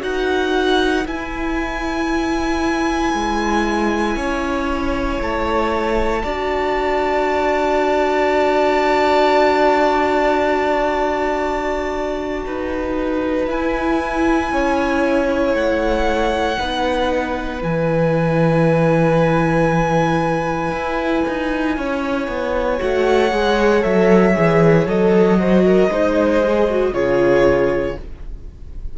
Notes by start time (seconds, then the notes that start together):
0.00 D#4 F#4 F#5
0.06 B4
1.06 E4 G#5
3.14 G#3
4.16 C#4 C#5
5.20 A3 A5
6.23 D4 F#4 D5
12.46 D#4 B4
13.47 E4 G#5
14.52 C#4 C#5
15.54 A3 F#5
16.58 B3 D#4 B4
17.61 E3 E4 G#5
20.71 E4
21.28 D#4
21.77 C#4 C#5
22.28 B3
22.78 A3 F#4 F#5
23.30 G#3 G#4
23.81 F#3 A4 E5
24.34 E3 G#4
24.86 F#3 A4 D#5
25.38 F#4 C5
25.65 A#4
25.88 G#3 D#4 C5
26.42 G#4
26.69 F#4
26.92 C#3 F4 G#4 C#5